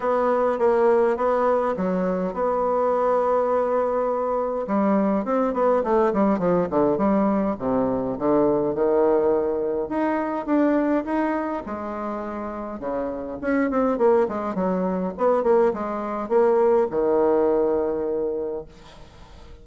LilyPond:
\new Staff \with { instrumentName = "bassoon" } { \time 4/4 \tempo 4 = 103 b4 ais4 b4 fis4 | b1 | g4 c'8 b8 a8 g8 f8 d8 | g4 c4 d4 dis4~ |
dis4 dis'4 d'4 dis'4 | gis2 cis4 cis'8 c'8 | ais8 gis8 fis4 b8 ais8 gis4 | ais4 dis2. | }